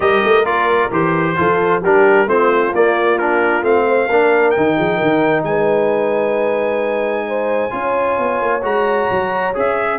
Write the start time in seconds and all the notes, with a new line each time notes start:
0.00 G3 G4 A#4 D#5
0.24 A3
0.44 A#3 F4 D5
0.91 E3 G4 C5
1.36 F3 F4 A4
1.81 G3 D4 G4 A#4
2.26 A3 C4 F4 C5
2.73 A#3 D5
3.18 D4 A#4
3.62 A3 C4 F5
3.88 C5
4.07 A#3 D4 A#4
4.50 D#3 D#4 G5
4.76 F3 G#4
4.96 D#3 A#4
5.43 G#3 B4 G#5
7.27 C5
7.70 C#4 F4 C#5
8.18 B3
8.41 A#3
8.62 G#3 F#4 A#5
9.10 F#3
9.54 C#4 G#4 E5